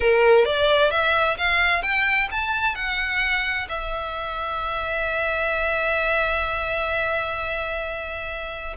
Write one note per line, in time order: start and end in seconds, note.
0.00 0.45 A#4
0.45 0.91 D5
0.91 1.37 E5
1.37 1.82 F5
1.82 2.28 G5
2.31 2.75 A5
2.75 3.67 F#5
3.68 8.76 E5